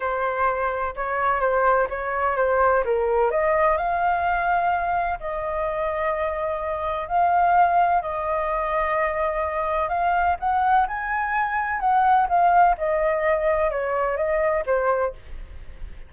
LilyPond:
\new Staff \with { instrumentName = "flute" } { \time 4/4 \tempo 4 = 127 c''2 cis''4 c''4 | cis''4 c''4 ais'4 dis''4 | f''2. dis''4~ | dis''2. f''4~ |
f''4 dis''2.~ | dis''4 f''4 fis''4 gis''4~ | gis''4 fis''4 f''4 dis''4~ | dis''4 cis''4 dis''4 c''4 | }